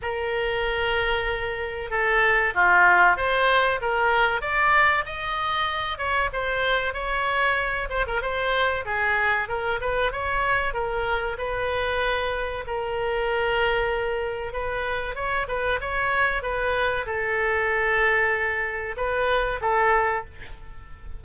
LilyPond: \new Staff \with { instrumentName = "oboe" } { \time 4/4 \tempo 4 = 95 ais'2. a'4 | f'4 c''4 ais'4 d''4 | dis''4. cis''8 c''4 cis''4~ | cis''8 c''16 ais'16 c''4 gis'4 ais'8 b'8 |
cis''4 ais'4 b'2 | ais'2. b'4 | cis''8 b'8 cis''4 b'4 a'4~ | a'2 b'4 a'4 | }